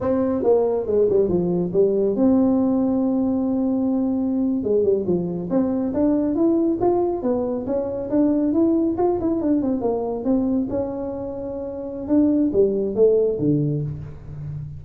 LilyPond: \new Staff \with { instrumentName = "tuba" } { \time 4/4 \tempo 4 = 139 c'4 ais4 gis8 g8 f4 | g4 c'2.~ | c'2~ c'8. gis8 g8 f16~ | f8. c'4 d'4 e'4 f'16~ |
f'8. b4 cis'4 d'4 e'16~ | e'8. f'8 e'8 d'8 c'8 ais4 c'16~ | c'8. cis'2.~ cis'16 | d'4 g4 a4 d4 | }